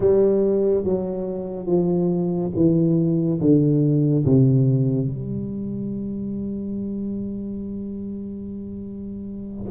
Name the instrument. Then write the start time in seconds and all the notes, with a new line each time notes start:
tuba
0.00 G3
0.83 F#3
1.66 F3
2.55 E3
3.40 D3
4.25 C3
5.07 G3